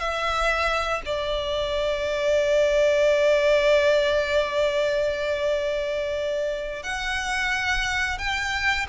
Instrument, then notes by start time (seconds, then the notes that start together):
violin
0.00 E5
1.06 D5
6.84 F#5
8.18 G5